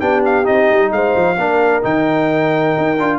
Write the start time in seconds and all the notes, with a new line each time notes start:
0.00 B3 D4 G4 G5
0.25 F5
0.44 C4 D#4 D#5
0.70 G3
0.92 G#3 C5 F5
1.16 F3
1.37 A#3 D4 A#4
1.82 D#3 D#4 G5
2.78 D#4
2.99 D4 F4